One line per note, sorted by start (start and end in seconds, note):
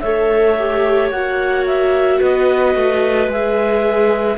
0.00 1.11 A3
0.00 0.58 A4
0.00 2.19 C#5
0.00 1.09 E5
0.58 1.13 G4
1.11 2.20 A#3
1.11 3.30 F#4
1.11 1.65 F#5
1.66 2.21 E5
2.19 2.75 B3
2.19 4.37 B4
2.19 3.31 D#5
2.75 3.28 A3
3.28 4.37 G#3
3.28 4.38 G#4
3.28 4.38 E5